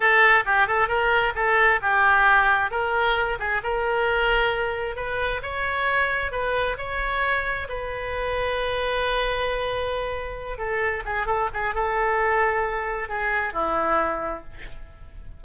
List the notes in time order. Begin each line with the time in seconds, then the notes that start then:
0.00 A4
0.45 G4
0.67 A4
0.88 A#4
1.35 A4
1.81 G4
2.70 A#4
3.39 G#4
3.63 A#4
4.96 B4
5.42 C#5
6.31 B4
6.77 C#5
7.69 B4
10.58 A4
11.05 G#4
11.26 A4
11.53 G#4
11.74 A4
13.08 G#4
13.53 E4